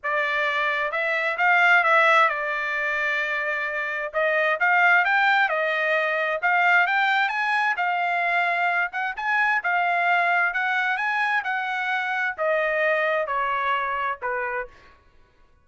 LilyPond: \new Staff \with { instrumentName = "trumpet" } { \time 4/4 \tempo 4 = 131 d''2 e''4 f''4 | e''4 d''2.~ | d''4 dis''4 f''4 g''4 | dis''2 f''4 g''4 |
gis''4 f''2~ f''8 fis''8 | gis''4 f''2 fis''4 | gis''4 fis''2 dis''4~ | dis''4 cis''2 b'4 | }